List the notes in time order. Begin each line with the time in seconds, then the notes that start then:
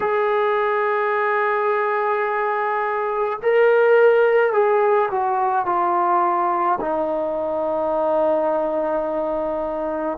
0.00 G#4
3.42 A#4
4.52 G#4
5.10 F#4
5.66 F4
6.80 D#4